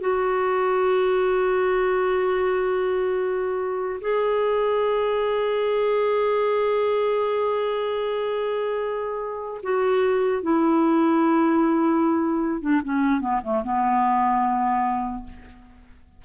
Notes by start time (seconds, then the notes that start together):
0.00 F#4
4.01 G#4
9.63 F#4
10.42 E4
12.61 D4
12.84 C#4
13.20 B3
13.43 A3
13.64 B3